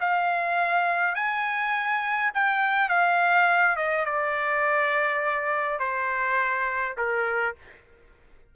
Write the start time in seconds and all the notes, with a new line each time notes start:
0.00 F5
1.15 G#5
2.34 G5
2.89 F5
3.76 D#5
4.05 D5
5.79 C5
6.97 A#4